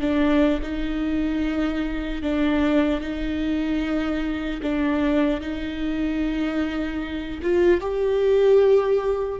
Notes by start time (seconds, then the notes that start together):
0.00 D4
0.62 D#4
2.23 D4
3.01 D#4
4.62 D4
5.40 D#4
7.42 F4
7.80 G4